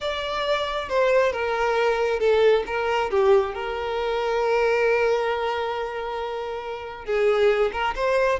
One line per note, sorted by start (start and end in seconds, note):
0.00 0.88 D5
0.88 1.32 C5
1.32 2.19 A#4
2.19 2.63 A4
2.66 3.10 A#4
3.10 3.54 G4
3.54 7.05 A#4
7.05 7.71 G#4
7.72 7.94 A#4
7.95 8.39 C5